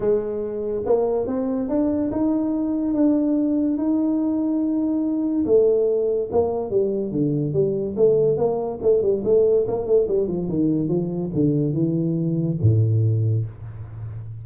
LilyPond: \new Staff \with { instrumentName = "tuba" } { \time 4/4 \tempo 4 = 143 gis2 ais4 c'4 | d'4 dis'2 d'4~ | d'4 dis'2.~ | dis'4 a2 ais4 |
g4 d4 g4 a4 | ais4 a8 g8 a4 ais8 a8 | g8 f8 dis4 f4 d4 | e2 a,2 | }